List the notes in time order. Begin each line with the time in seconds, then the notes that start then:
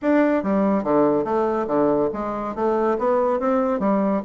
0.02 D4
0.43 G3
0.83 D3
1.24 A3
1.67 D3
2.13 G#3
2.55 A3
2.98 B3
3.39 C4
3.79 G3